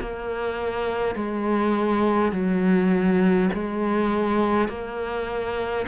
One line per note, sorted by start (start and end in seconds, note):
0.00 1.15 A#3
1.15 2.32 G#3
2.32 3.49 F#3
3.53 4.68 G#3
4.68 5.86 A#3